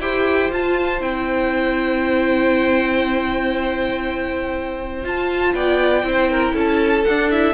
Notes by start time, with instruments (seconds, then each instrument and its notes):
0.00 cello E4, viola G4, violin C5 G5
0.50 cello F4, viola F4, violin A5
1.01 cello C4, viola E4, violin G5
5.03 viola F4, cello F4, violin A5
5.54 cello B3, violin D5 G5
6.03 cello C4, viola E4, violin C5
6.31 violin A#4
6.54 cello C#4, violin A4 A5
7.05 cello D4, viola D4, violin F#5
7.31 viola E4, violin E5